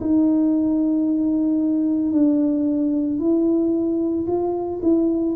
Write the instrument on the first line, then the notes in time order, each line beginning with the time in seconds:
tuba
0.00 D#4
2.12 D4
3.19 E4
4.27 F4
4.82 E4